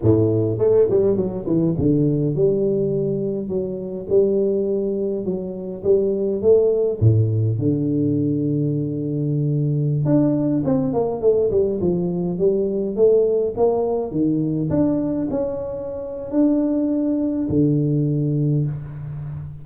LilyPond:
\new Staff \with { instrumentName = "tuba" } { \time 4/4 \tempo 4 = 103 a,4 a8 g8 fis8 e8 d4 | g2 fis4 g4~ | g4 fis4 g4 a4 | a,4 d2.~ |
d4~ d16 d'4 c'8 ais8 a8 g16~ | g16 f4 g4 a4 ais8.~ | ais16 dis4 d'4 cis'4.~ cis'16 | d'2 d2 | }